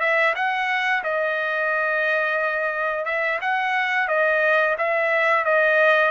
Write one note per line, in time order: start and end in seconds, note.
0.00 0.34 E5
0.35 1.03 F#5
1.04 3.05 D#5
3.05 3.39 E5
3.41 4.08 F#5
4.08 4.76 D#5
4.78 5.45 E5
5.45 6.11 D#5